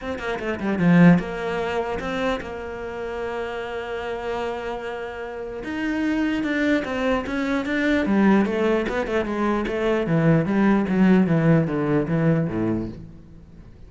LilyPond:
\new Staff \with { instrumentName = "cello" } { \time 4/4 \tempo 4 = 149 c'8 ais8 a8 g8 f4 ais4~ | ais4 c'4 ais2~ | ais1~ | ais2 dis'2 |
d'4 c'4 cis'4 d'4 | g4 a4 b8 a8 gis4 | a4 e4 g4 fis4 | e4 d4 e4 a,4 | }